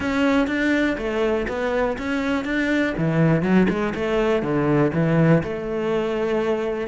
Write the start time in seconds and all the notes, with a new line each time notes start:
0.00 C#4
0.47 D4
0.97 A3
1.48 B3
1.98 C#4
2.44 D4
2.97 E3
3.42 F#3
3.69 G#3
3.95 A3
4.42 D3
4.93 E3
5.43 A3